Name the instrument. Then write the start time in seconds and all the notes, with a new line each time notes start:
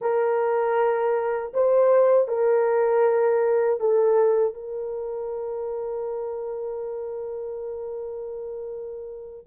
horn
0.01 A#4
1.53 C5
2.28 A#4
3.80 A4
4.54 A#4